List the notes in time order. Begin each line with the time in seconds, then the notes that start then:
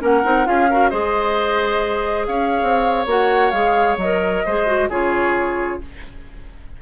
0.00 A#3 C#4 A#4 F#5
0.23 C4 D#4
0.45 C#4 F4 G#4 F5
0.70 F#4 A#4
0.90 G#3 G#4 C5 D#5
2.27 C#4 C#5 F5
2.63 C4
3.06 A#3 F#4 F#5
3.51 G#3 G#4 F5
3.98 F#3 D#5
4.04 A#4
4.46 G#3 G#4 C5
4.66 F#4
4.89 C#3 F4 G#4 C#5